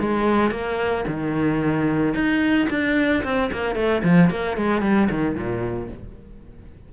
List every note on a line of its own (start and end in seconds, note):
0.00 0.51 G#3
0.51 1.05 A#3
1.08 2.14 D#3
2.14 2.68 D#4
2.70 3.24 D4
3.24 3.51 C4
3.53 3.76 A#3
3.76 4.03 A3
4.04 4.31 F3
4.31 4.57 A#3
4.57 4.82 G#3
4.82 5.09 G3
5.10 5.35 D#3
5.35 5.89 A#2